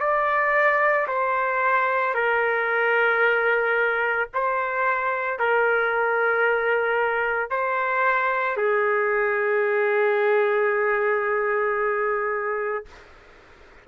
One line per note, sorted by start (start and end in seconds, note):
0.00 1.07 D5
1.08 2.15 C5
2.15 4.29 A#4
4.34 5.40 C5
5.40 7.51 A#4
7.51 8.57 C5
8.57 12.86 G#4